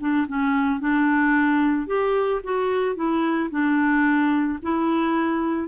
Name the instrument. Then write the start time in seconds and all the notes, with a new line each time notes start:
clarinet
0.00 D4
0.28 C#4
0.80 D4
1.87 G4
2.43 F#4
2.96 E4
3.51 D4
4.62 E4